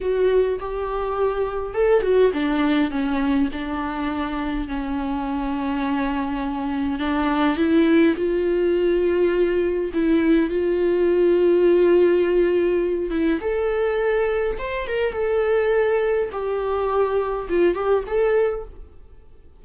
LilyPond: \new Staff \with { instrumentName = "viola" } { \time 4/4 \tempo 4 = 103 fis'4 g'2 a'8 fis'8 | d'4 cis'4 d'2 | cis'1 | d'4 e'4 f'2~ |
f'4 e'4 f'2~ | f'2~ f'8 e'8 a'4~ | a'4 c''8 ais'8 a'2 | g'2 f'8 g'8 a'4 | }